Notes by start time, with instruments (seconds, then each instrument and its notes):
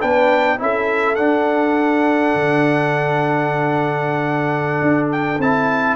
0.00 tuba B3, trombone D4, horn B4, trumpet G5
0.58 tuba C#4, trombone E4, horn A4, trumpet E5
1.15 trombone D4, tuba D4, trumpet F#5
2.34 tuba D3
4.81 tuba D4
5.11 trumpet G5
5.38 tuba C4, trombone E4, trumpet A5